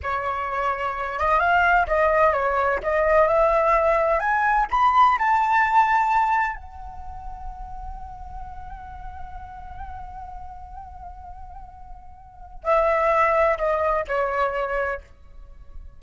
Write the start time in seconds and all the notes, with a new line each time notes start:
0.02 C#5
1.19 D#5
1.39 F5
1.87 D#5
2.32 C#5
2.83 D#5
3.27 E5
4.19 G#5
4.70 B5
5.18 A5
6.56 F#5
12.63 E5
13.57 D#5
14.07 C#5